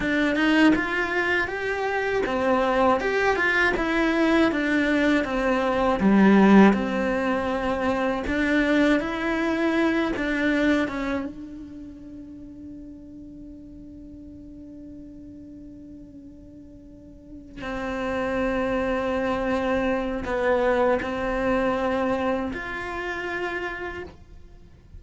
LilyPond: \new Staff \with { instrumentName = "cello" } { \time 4/4 \tempo 4 = 80 d'8 dis'8 f'4 g'4 c'4 | g'8 f'8 e'4 d'4 c'4 | g4 c'2 d'4 | e'4. d'4 cis'8 d'4~ |
d'1~ | d'2.~ d'8 c'8~ | c'2. b4 | c'2 f'2 | }